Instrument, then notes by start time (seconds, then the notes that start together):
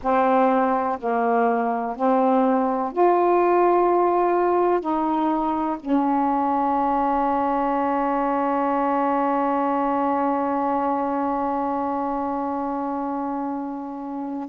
saxophone
0.02 C4
0.99 A#3
1.96 C4
2.92 F4
4.80 D#4
5.79 C#4